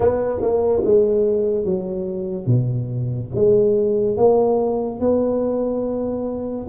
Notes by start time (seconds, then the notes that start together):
0.00 B3
0.41 A#3
0.84 G#3
1.64 F#3
2.46 B2
3.34 G#3
4.16 A#3
5.00 B3